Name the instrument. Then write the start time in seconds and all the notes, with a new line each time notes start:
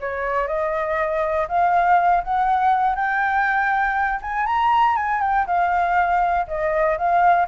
flute
0.00 C#5
0.47 D#5
1.48 F5
2.24 F#5
2.95 G5
4.22 G#5
4.46 A#5
4.96 G#5
5.21 G5
5.46 F5
6.47 D#5
6.97 F5